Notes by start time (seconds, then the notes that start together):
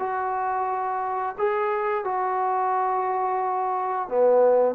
0.00 F#4
1.38 G#4
2.05 F#4
4.09 B3